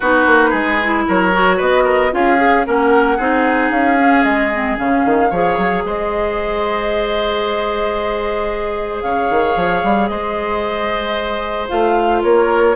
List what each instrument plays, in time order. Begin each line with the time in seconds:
0.00 bassoon B3, clarinet D#4, oboe F#4, flute B4
0.26 bassoon A#3
0.50 bassoon G#3, oboe G#4
0.83 clarinet E4
1.07 bassoon F#3, oboe A#4, flute C#5
1.33 clarinet F#4
1.56 bassoon B3, oboe B4, flute D#5
1.84 oboe A#4
2.11 bassoon C#4, clarinet F4, oboe G#4, flute F5
2.37 clarinet G#4
2.64 bassoon A#3, clarinet C#4, oboe A#4, flute F#5
3.16 bassoon C4, clarinet D#4, oboe G#4
3.70 bassoon C#4, flute F5
3.98 clarinet C#4
4.23 bassoon G#3, flute D#5
4.53 clarinet C4
4.77 bassoon C#3, clarinet C#4, flute F5
5.05 bassoon D#3
5.30 bassoon F3, clarinet G#4, oboe C#5
5.57 bassoon F#3
5.84 bassoon G#3, oboe C5, flute D#5
9.01 bassoon C#3, oboe C#5, flute F5
9.29 bassoon D#3
9.55 bassoon F3
9.83 bassoon G3
10.07 bassoon G#3, oboe C5, flute D#5
11.68 bassoon A3, clarinet F4, flute F5
12.22 bassoon A#3, oboe A#4, flute C#5